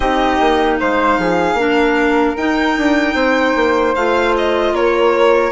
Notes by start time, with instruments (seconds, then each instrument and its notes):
0.00 bassoon C4, clarinet D#4, flute G4, violin D#5
0.40 bassoon A#3
0.79 bassoon G#3, flute C5, violin F5
1.18 bassoon F3, flute G#4
1.53 bassoon A#3, clarinet D4
1.61 flute A#4
2.36 bassoon D#4, clarinet D#4, violin G5
2.77 bassoon D4
3.14 bassoon C4, flute C5
3.55 bassoon A#3
3.95 bassoon A3, clarinet F4, violin F5
4.37 violin D#5
4.72 bassoon A#3, flute A#4, violin C#5